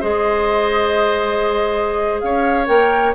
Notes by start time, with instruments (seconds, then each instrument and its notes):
0.00 bassoon G#3, clarinet G#4, oboe C5, flute D#5
2.20 bassoon C#4, oboe C#5, flute F5
2.66 bassoon A#3, clarinet A#4, flute G5